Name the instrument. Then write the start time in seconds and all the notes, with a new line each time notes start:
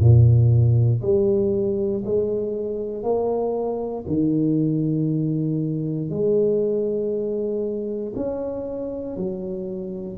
tuba
0.00 A#2
1.02 G3
2.05 G#3
3.03 A#3
4.08 D#3
6.10 G#3
8.16 C#4
9.17 F#3